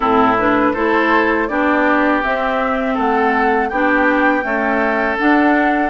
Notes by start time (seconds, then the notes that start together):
0.00 A2 C4 E4 A4
0.38 D4 B4
0.73 A3 E4 A4 C5
1.48 B3 D4 G4 D5
2.23 C4 E5
2.94 A3 A4 F#5
3.69 B3 D4 G4 G5
4.42 A3 C#4 A4
5.18 D4 F#5